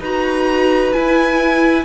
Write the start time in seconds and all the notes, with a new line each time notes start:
0.00 D#4 F#4 B4 A#5
0.93 E4 G#5